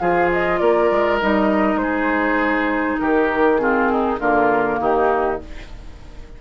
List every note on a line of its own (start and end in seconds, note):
0.00 0.61 F3
0.00 1.21 F4
0.00 0.60 G#4
0.00 0.30 F5
0.33 0.58 D#5
0.58 0.91 A#3
0.58 1.80 A#4
0.58 1.18 D5
0.91 1.21 G#3
1.21 1.76 G3
1.21 3.58 D#4
1.21 1.78 D#5
1.76 2.96 G#3
1.76 2.98 C5
1.82 3.01 G#4
2.99 4.19 D#3
2.99 3.61 G4
2.99 3.58 A#4
3.58 4.18 C4
3.58 3.92 F4
3.58 4.18 G#4
3.92 4.20 D#4
4.19 4.79 D3
4.19 5.40 A#3
4.19 4.80 F4
4.19 4.81 A#4
4.80 5.40 D#3
4.80 5.41 D#4
4.80 5.42 G4